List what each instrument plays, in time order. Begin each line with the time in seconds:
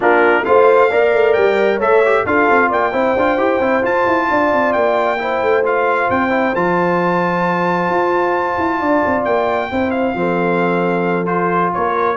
0.00 tuba A#3, trombone D4, horn F4, trumpet A#4
0.44 tuba A3, trombone F4, horn C5, trumpet F5
0.90 tuba A#3, trombone A#4, horn D5
1.14 tuba A3
1.33 tuba G3, trumpet G5
1.76 tuba A3, trombone A4, horn C#5, trumpet E5
2.05 trombone G4
2.26 tuba D4, trombone F4, horn A4, trumpet F5
2.49 tuba C4
2.69 tuba A#3, horn D5, trumpet G5
2.92 tuba C4, trombone E4, horn C5
3.16 tuba D4, trombone F4
3.37 tuba E4, trombone G4
3.59 tuba C4, trombone E4
3.82 trombone F4, tuba F4, trumpet A5
4.06 tuba E4
4.30 tuba D4, horn D5
4.52 tuba C4
4.73 tuba A#3, trumpet G5
5.18 trombone E4, horn C5
5.42 tuba A3
5.63 trombone F4, trumpet F5
6.10 tuba C4, trumpet G5
6.29 trombone E4
6.55 tuba F3, trombone F4, trumpet A5
7.89 tuba F4
8.57 tuba E4
8.79 tuba D4, horn D5
9.06 tuba C4
9.25 tuba A#3, trumpet G5
9.70 tuba C4, trombone E4, horn C5
9.90 trumpet F5
10.14 tuba F3, trombone C4, horn A4
11.25 trombone F4, trumpet C5
11.73 tuba A#3, horn A#4, trumpet C#5